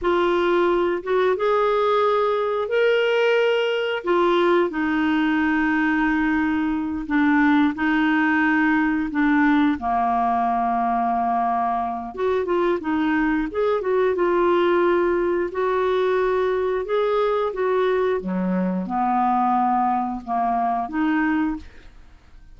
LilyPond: \new Staff \with { instrumentName = "clarinet" } { \time 4/4 \tempo 4 = 89 f'4. fis'8 gis'2 | ais'2 f'4 dis'4~ | dis'2~ dis'8 d'4 dis'8~ | dis'4. d'4 ais4.~ |
ais2 fis'8 f'8 dis'4 | gis'8 fis'8 f'2 fis'4~ | fis'4 gis'4 fis'4 fis4 | b2 ais4 dis'4 | }